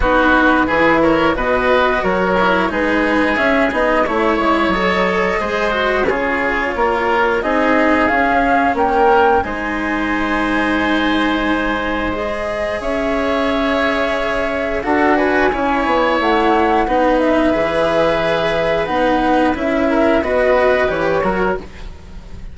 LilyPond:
<<
  \new Staff \with { instrumentName = "flute" } { \time 4/4 \tempo 4 = 89 b'4. cis''8 dis''4 cis''4 | b'4 e''8 dis''8 cis''4 dis''4~ | dis''4 cis''2 dis''4 | f''4 g''4 gis''2~ |
gis''2 dis''4 e''4~ | e''2 fis''8 gis''4. | fis''4. e''2~ e''8 | fis''4 e''4 dis''4 cis''4 | }
  \new Staff \with { instrumentName = "oboe" } { \time 4/4 fis'4 gis'8 ais'8 b'4 ais'4 | gis'2 cis''2 | c''4 gis'4 ais'4 gis'4~ | gis'4 ais'4 c''2~ |
c''2. cis''4~ | cis''2 a'8 b'8 cis''4~ | cis''4 b'2.~ | b'4. ais'8 b'4. ais'8 | }
  \new Staff \with { instrumentName = "cello" } { \time 4/4 dis'4 e'4 fis'4. e'8 | dis'4 cis'8 dis'8 e'4 a'4 | gis'8 fis'8 f'2 dis'4 | cis'2 dis'2~ |
dis'2 gis'2~ | gis'2 fis'4 e'4~ | e'4 dis'4 gis'2 | dis'4 e'4 fis'4 g'8 fis'8 | }
  \new Staff \with { instrumentName = "bassoon" } { \time 4/4 b4 e4 b,4 fis4 | gis4 cis'8 b8 a8 gis8 fis4 | gis4 cis4 ais4 c'4 | cis'4 ais4 gis2~ |
gis2. cis'4~ | cis'2 d'4 cis'8 b8 | a4 b4 e2 | b4 cis'4 b4 e8 fis8 | }
>>